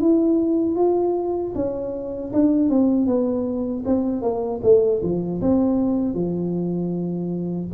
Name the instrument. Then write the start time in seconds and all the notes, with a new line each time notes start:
tuba
0.00 E4
0.76 F4
1.55 C#4
2.33 D4
2.69 C4
3.06 B3
3.85 C4
4.22 A#3
4.63 A3
5.02 F3
5.41 C4
6.14 F3